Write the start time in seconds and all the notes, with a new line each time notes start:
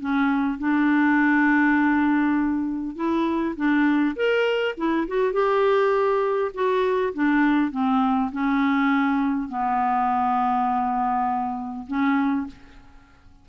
0.00 C#4
0.59 D4
2.96 E4
3.56 D4
4.16 A#4
4.77 E4
5.08 F#4
5.33 G4
6.54 F#4
7.14 D4
7.71 C4
8.32 C#4
9.49 B3
11.88 C#4